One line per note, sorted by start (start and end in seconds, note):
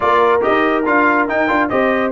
0.00 0.44 A#3
0.00 0.40 F4
0.00 1.71 A#4
0.00 0.42 D5
0.41 0.83 G4
0.41 0.85 D#5
0.47 0.86 D#4
0.85 1.27 D4
0.85 1.28 F4
0.85 1.28 F5
1.27 1.49 D#4
1.27 1.48 D#4
1.27 1.69 G5
1.48 1.70 D4
1.48 1.69 F4
1.69 2.11 C4
1.69 2.11 G4
1.69 2.11 C5
1.69 2.11 D#5